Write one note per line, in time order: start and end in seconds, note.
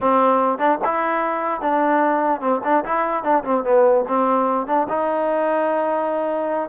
0.00 0.58 C4
0.58 0.78 D4
0.84 1.61 E4
1.61 2.40 D4
2.40 2.61 C4
2.64 2.84 D4
2.85 3.23 E4
3.23 3.43 D4
3.43 3.64 C4
3.64 4.04 B3
4.07 4.66 C4
4.66 4.87 D4
4.89 6.69 D#4